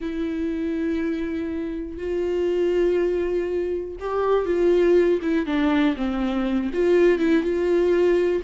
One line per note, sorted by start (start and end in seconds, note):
0.00 1.97 E4
1.97 3.96 F4
4.00 4.45 G4
4.45 5.20 F4
5.22 5.45 E4
5.45 5.95 D4
5.96 6.71 C4
6.73 7.18 F4
7.18 7.43 E4
7.43 8.42 F4